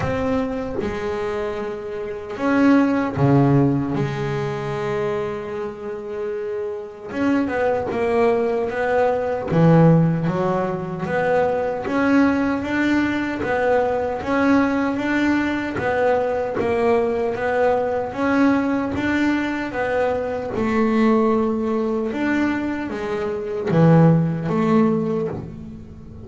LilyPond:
\new Staff \with { instrumentName = "double bass" } { \time 4/4 \tempo 4 = 76 c'4 gis2 cis'4 | cis4 gis2.~ | gis4 cis'8 b8 ais4 b4 | e4 fis4 b4 cis'4 |
d'4 b4 cis'4 d'4 | b4 ais4 b4 cis'4 | d'4 b4 a2 | d'4 gis4 e4 a4 | }